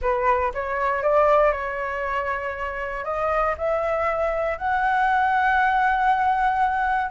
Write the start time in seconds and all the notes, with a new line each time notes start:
0.01 B4
0.54 C#5
1.02 D5
1.51 C#5
3.04 D#5
3.57 E5
4.58 F#5